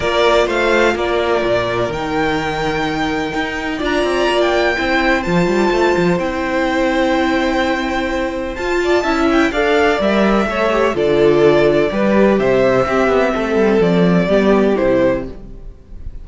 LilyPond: <<
  \new Staff \with { instrumentName = "violin" } { \time 4/4 \tempo 4 = 126 d''4 f''4 d''2 | g''1 | ais''4~ ais''16 g''4.~ g''16 a''4~ | a''4 g''2.~ |
g''2 a''4. g''8 | f''4 e''2 d''4~ | d''2 e''2~ | e''4 d''2 c''4 | }
  \new Staff \with { instrumentName = "violin" } { \time 4/4 ais'4 c''4 ais'2~ | ais'1 | d''2 c''2~ | c''1~ |
c''2~ c''8 d''8 e''4 | d''2 cis''4 a'4~ | a'4 b'4 c''4 g'4 | a'2 g'2 | }
  \new Staff \with { instrumentName = "viola" } { \time 4/4 f'1 | dis'1 | f'2 e'4 f'4~ | f'4 e'2.~ |
e'2 f'4 e'4 | a'4 ais'4 a'8 g'8 f'4~ | f'4 g'2 c'4~ | c'2 b4 e'4 | }
  \new Staff \with { instrumentName = "cello" } { \time 4/4 ais4 a4 ais4 ais,4 | dis2. dis'4 | d'8 c'8 ais4 c'4 f8 g8 | a8 f8 c'2.~ |
c'2 f'4 cis'4 | d'4 g4 a4 d4~ | d4 g4 c4 c'8 b8 | a8 g8 f4 g4 c4 | }
>>